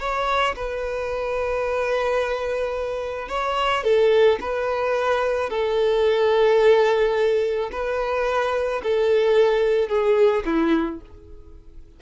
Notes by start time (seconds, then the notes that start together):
0.00 C#5
0.56 B4
3.29 C#5
3.84 A4
4.41 B4
5.50 A4
7.72 B4
8.83 A4
9.89 G#4
10.46 E4